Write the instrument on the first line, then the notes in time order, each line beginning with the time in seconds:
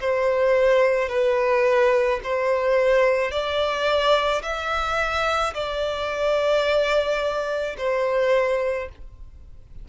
violin
0.00 C5
1.09 B4
2.24 C5
3.31 D5
4.42 E5
5.54 D5
7.78 C5